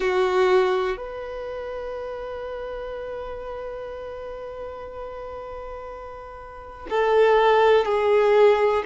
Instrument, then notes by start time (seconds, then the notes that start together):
violin
0.00 F#4
0.96 B4
6.90 A4
7.85 G#4